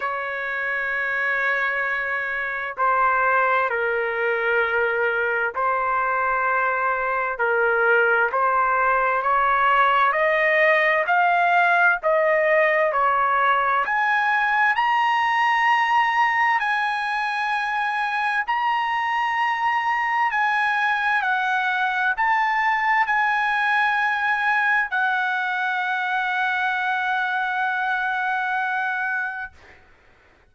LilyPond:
\new Staff \with { instrumentName = "trumpet" } { \time 4/4 \tempo 4 = 65 cis''2. c''4 | ais'2 c''2 | ais'4 c''4 cis''4 dis''4 | f''4 dis''4 cis''4 gis''4 |
ais''2 gis''2 | ais''2 gis''4 fis''4 | a''4 gis''2 fis''4~ | fis''1 | }